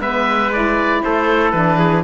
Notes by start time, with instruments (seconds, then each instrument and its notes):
0.00 cello G#3, saxophone B3, trumpet B4, oboe E5
0.53 saxophone E4, oboe D5
1.03 cello A3, trumpet A4, oboe C5
1.52 cello E3, saxophone D4, oboe B4
1.79 trumpet G#4